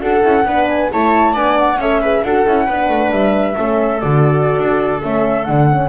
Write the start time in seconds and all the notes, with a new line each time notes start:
0.00 D4 F#4 A4 F#5
0.23 C#4 E4
0.45 B3 D4 B4
0.69 G#5
0.91 A3 E4 C#5 A5
1.33 B3 D4 D5 G#5
1.59 F#5
1.77 C#4 A4 C#5 E5
2.02 G#4 B4
2.23 D4 F#4 A4 F#5
2.47 C#4 E4
2.66 B3 D4 B4
2.89 A3
3.11 G3 E5
3.55 A3 C#4 A4
4.01 D3 F#4 D5
4.57 D4
5.01 A3 C#4 E5
5.44 D3 D4 F#5
5.69 C#4